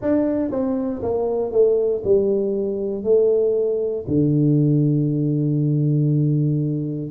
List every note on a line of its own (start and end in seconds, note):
0.01 0.50 D4
0.50 1.01 C4
1.02 1.51 A#3
1.51 2.02 A3
2.03 3.03 G3
3.03 4.05 A3
4.07 7.11 D3